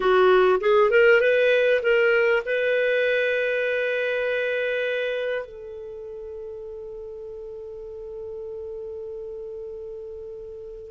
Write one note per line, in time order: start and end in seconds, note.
0.00 0.59 F#4
0.60 0.90 G#4
0.90 1.20 A#4
1.20 1.81 B4
1.82 2.42 A#4
2.45 5.45 B4
5.45 10.91 A4